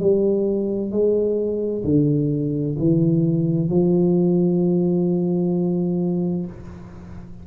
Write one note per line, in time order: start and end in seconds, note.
0.00 0.91 G3
0.91 1.84 G#3
1.85 2.77 D3
2.79 3.70 E3
3.70 6.47 F3